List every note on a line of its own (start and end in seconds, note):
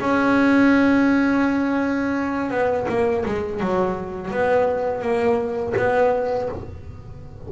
0.00 2.50 C#4
2.50 2.87 B3
2.88 3.24 A#3
3.25 3.60 G#3
3.60 4.31 F#3
4.31 5.01 B3
5.01 5.73 A#3
5.76 6.48 B3